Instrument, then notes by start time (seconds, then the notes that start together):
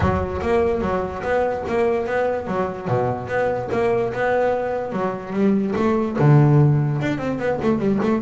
double bass
0.00 F#3
0.41 A#3
0.81 F#3
1.22 B3
1.68 A#3
2.06 B3
2.47 F#3
2.87 B2
3.27 B3
3.71 A#3
4.13 B3
4.92 F#3
5.32 G3
5.76 A3
6.18 D3
7.01 D4
7.18 C4
7.38 B3
7.62 A3
7.78 G3
8.02 A3